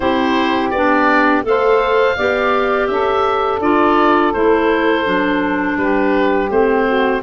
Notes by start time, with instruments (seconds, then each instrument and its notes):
0.00 tuba C4, clarinet E4, saxophone G4, oboe C5
0.70 tuba B3, clarinet D4, oboe D5
1.43 tuba A3, clarinet A4, saxophone C5, oboe F5
2.16 tuba B3, clarinet G4, saxophone D5
2.87 tuba C#4, saxophone A4, oboe E5
3.60 tuba D4, clarinet F4, oboe D5
4.33 tuba A3, clarinet E4, oboe C5
5.04 tuba F#3, clarinet D4
5.76 tuba G3, saxophone G4, oboe B4
6.50 tuba A3, clarinet C4, oboe C5
6.85 saxophone F#4